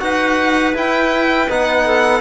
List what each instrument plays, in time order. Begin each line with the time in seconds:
0.00 cello D#4, trombone F#4, clarinet B4, violin F#5
0.74 cello E4, trombone E4, violin G5
1.50 cello B3, trombone D#4, violin F#5
1.86 clarinet A4